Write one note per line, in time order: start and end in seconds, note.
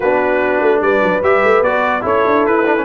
0.00 0.60 B3
0.00 1.23 D4
0.00 0.81 F#4
0.00 0.81 B4
0.60 0.81 A3
0.81 1.01 G3
0.81 2.03 B4
0.81 1.22 D5
1.03 1.22 F#3
1.22 1.43 G3
1.22 1.64 G4
1.22 1.63 E5
1.43 1.61 A3
1.61 2.02 B3
1.61 2.01 F#4
1.61 2.04 D5
2.01 2.24 C#4
2.01 2.62 E4
2.01 2.85 A4
2.01 2.45 C#5
2.25 2.45 D4
2.45 2.85 E4
2.45 2.85 B4
2.65 2.76 D4
2.78 2.85 C#4